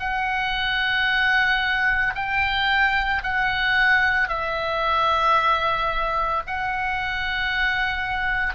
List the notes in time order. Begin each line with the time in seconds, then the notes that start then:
0.00 F#5
2.15 G5
3.23 F#5
4.29 E5
6.47 F#5